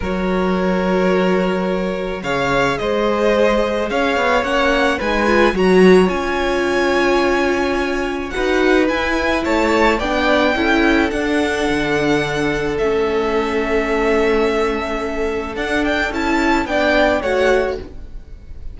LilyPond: <<
  \new Staff \with { instrumentName = "violin" } { \time 4/4 \tempo 4 = 108 cis''1 | f''4 dis''2 f''4 | fis''4 gis''4 ais''4 gis''4~ | gis''2. fis''4 |
gis''4 a''4 g''2 | fis''2. e''4~ | e''1 | fis''8 g''8 a''4 g''4 fis''4 | }
  \new Staff \with { instrumentName = "violin" } { \time 4/4 ais'1 | cis''4 c''2 cis''4~ | cis''4 b'4 cis''2~ | cis''2. b'4~ |
b'4 cis''4 d''4 a'4~ | a'1~ | a'1~ | a'2 d''4 cis''4 | }
  \new Staff \with { instrumentName = "viola" } { \time 4/4 fis'1 | gis'1 | cis'4 dis'8 f'8 fis'4 f'4~ | f'2. fis'4 |
e'2 d'4 e'4 | d'2. cis'4~ | cis'1 | d'4 e'4 d'4 fis'4 | }
  \new Staff \with { instrumentName = "cello" } { \time 4/4 fis1 | cis4 gis2 cis'8 b8 | ais4 gis4 fis4 cis'4~ | cis'2. dis'4 |
e'4 a4 b4 cis'4 | d'4 d2 a4~ | a1 | d'4 cis'4 b4 a4 | }
>>